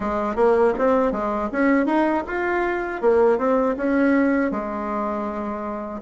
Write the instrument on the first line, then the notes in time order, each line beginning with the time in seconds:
bassoon
0.00 G#3
0.35 A#3
0.78 C4
1.11 G#3
1.52 C#4
1.86 D#4
2.26 F4
3.01 A#3
3.38 C4
3.76 C#4
4.51 G#3